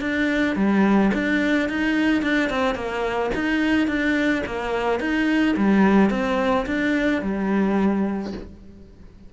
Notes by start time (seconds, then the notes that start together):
0.00 D4
0.56 G3
1.13 D4
1.69 D#4
2.22 D4
2.49 C4
2.74 A#3
3.34 D#4
3.87 D4
4.45 A#3
4.99 D#4
5.56 G3
6.10 C4
6.66 D4
7.22 G3